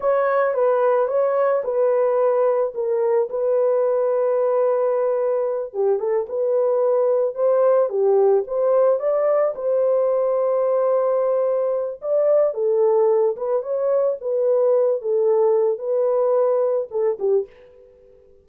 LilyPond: \new Staff \with { instrumentName = "horn" } { \time 4/4 \tempo 4 = 110 cis''4 b'4 cis''4 b'4~ | b'4 ais'4 b'2~ | b'2~ b'8 g'8 a'8 b'8~ | b'4. c''4 g'4 c''8~ |
c''8 d''4 c''2~ c''8~ | c''2 d''4 a'4~ | a'8 b'8 cis''4 b'4. a'8~ | a'4 b'2 a'8 g'8 | }